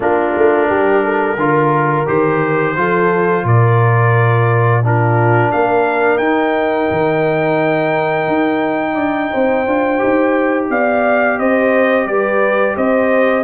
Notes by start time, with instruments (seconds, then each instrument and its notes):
0.00 tuba A#3, trombone D4, horn F4, trumpet A#4
0.36 tuba A3
0.68 tuba G3, horn G4
1.04 horn A4
1.35 tuba D3, trombone F4, horn A#4
2.05 tuba D#3, trombone G4, trumpet C5
2.76 tuba F3, trombone F4, horn A4
3.44 tuba A#2, horn A#4, trumpet D5
4.83 trombone D4, horn F4, trumpet A#4
5.51 tuba A#3, horn A#4, trumpet F5
6.17 tuba D#4, trombone D#4, trumpet G5
6.90 tuba D#3
8.27 tuba D#4
8.93 tuba D4, horn D5
9.30 tuba C4, horn C5
9.66 tuba D4, trombone F4
9.99 tuba D#4, trombone G4
10.69 tuba B3, horn D5, trumpet F5
11.38 tuba C4, horn C5, trumpet D#5
12.06 tuba G3, horn B4, trumpet D5
12.76 tuba C4, horn C5, trumpet D#5